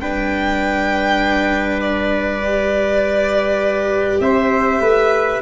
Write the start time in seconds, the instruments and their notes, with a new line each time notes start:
0.00 tuba G3, viola D4, trumpet B4, violin G5
1.80 violin D5
2.44 viola G4
4.20 tuba C4, trumpet C5, violin E5
4.79 tuba A3, trumpet B4